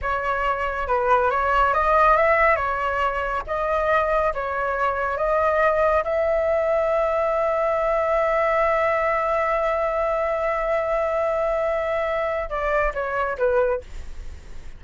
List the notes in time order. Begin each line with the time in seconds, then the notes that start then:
0.01 C#5
0.87 B4
1.30 C#5
1.73 D#5
2.17 E5
2.56 C#5
3.46 D#5
4.33 C#5
5.17 D#5
6.04 E5
12.49 D5
12.94 C#5
13.38 B4